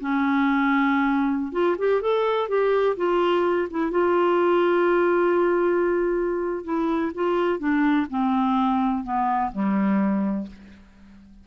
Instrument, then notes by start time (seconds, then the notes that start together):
clarinet
0.00 C#4
1.52 F4
1.78 G4
2.01 A4
2.48 G4
2.97 F4
3.70 E4
3.91 F4
6.64 E4
7.15 F4
7.59 D4
8.09 C4
9.03 B3
9.52 G3